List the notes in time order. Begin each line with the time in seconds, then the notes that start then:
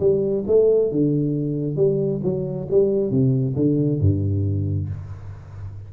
0.00 G3
0.47 A3
0.92 D3
1.77 G3
2.24 F#3
2.71 G3
3.11 C3
3.56 D3
4.01 G2